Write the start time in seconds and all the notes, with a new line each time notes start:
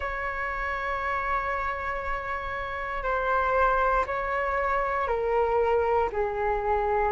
0.00 C#5
3.03 C5
4.06 C#5
5.07 A#4
6.12 G#4